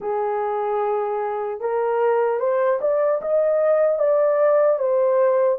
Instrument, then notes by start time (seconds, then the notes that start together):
horn
0.00 G#4
1.60 A#4
2.39 C5
2.81 D5
3.21 D#5
3.98 D5
4.78 C5